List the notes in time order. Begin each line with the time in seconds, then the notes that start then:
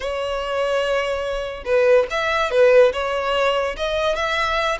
0.00 C#5
1.65 B4
2.10 E5
2.50 B4
2.92 C#5
3.76 D#5
4.15 E5